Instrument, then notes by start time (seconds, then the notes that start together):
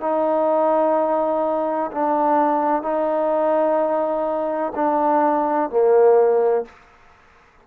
trombone
0.00 D#4
1.91 D4
2.82 D#4
4.75 D4
5.70 A#3